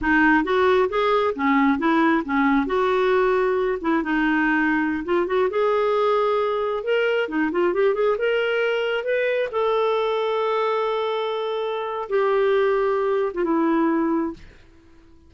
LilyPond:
\new Staff \with { instrumentName = "clarinet" } { \time 4/4 \tempo 4 = 134 dis'4 fis'4 gis'4 cis'4 | e'4 cis'4 fis'2~ | fis'8 e'8 dis'2~ dis'16 f'8 fis'16~ | fis'16 gis'2. ais'8.~ |
ais'16 dis'8 f'8 g'8 gis'8 ais'4.~ ais'16~ | ais'16 b'4 a'2~ a'8.~ | a'2. g'4~ | g'4.~ g'16 f'16 e'2 | }